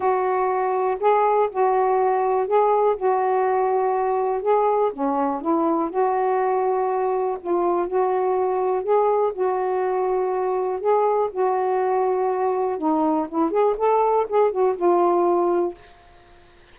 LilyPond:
\new Staff \with { instrumentName = "saxophone" } { \time 4/4 \tempo 4 = 122 fis'2 gis'4 fis'4~ | fis'4 gis'4 fis'2~ | fis'4 gis'4 cis'4 e'4 | fis'2. f'4 |
fis'2 gis'4 fis'4~ | fis'2 gis'4 fis'4~ | fis'2 dis'4 e'8 gis'8 | a'4 gis'8 fis'8 f'2 | }